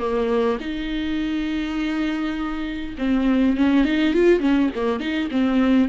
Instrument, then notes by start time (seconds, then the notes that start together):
viola
0.00 A#3
0.60 D#4
2.99 C4
3.57 C#4
3.85 D#4
4.14 F4
4.40 C#4
4.76 A#3
5.00 D#4
5.32 C4